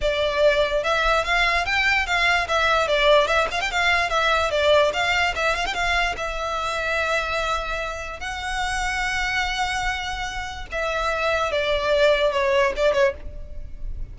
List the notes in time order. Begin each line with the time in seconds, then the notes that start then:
0.01 D5
0.83 E5
1.24 F5
1.65 G5
2.06 F5
2.48 E5
2.87 D5
3.27 E5
3.51 F5
3.60 G5
3.71 F5
4.09 E5
4.50 D5
4.93 F5
5.35 E5
5.55 F5
5.65 G5
5.74 F5
6.16 E5
8.19 F#5
10.71 E5
11.51 D5
12.32 C#5
12.76 D5
12.93 C#5